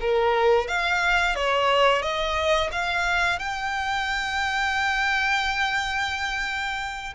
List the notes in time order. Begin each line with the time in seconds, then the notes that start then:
0.00 A#4
0.68 F5
1.35 C#5
2.02 D#5
2.71 F5
3.38 G5